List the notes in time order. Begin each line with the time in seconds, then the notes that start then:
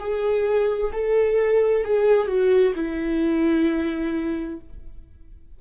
0.00 G#4
0.93 A4
1.85 G#4
2.27 F#4
2.76 E4